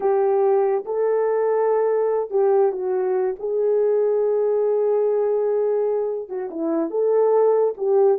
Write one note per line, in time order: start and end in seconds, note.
0.00 0.84 G4
0.85 2.30 A4
2.30 2.72 G4
2.72 3.35 F#4
3.39 6.28 G#4
6.28 6.49 F#4
6.50 6.90 E4
6.90 7.74 A4
7.77 8.18 G4